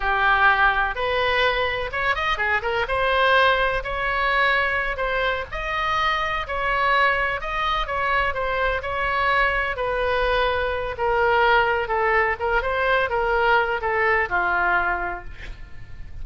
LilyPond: \new Staff \with { instrumentName = "oboe" } { \time 4/4 \tempo 4 = 126 g'2 b'2 | cis''8 dis''8 gis'8 ais'8 c''2 | cis''2~ cis''8 c''4 dis''8~ | dis''4. cis''2 dis''8~ |
dis''8 cis''4 c''4 cis''4.~ | cis''8 b'2~ b'8 ais'4~ | ais'4 a'4 ais'8 c''4 ais'8~ | ais'4 a'4 f'2 | }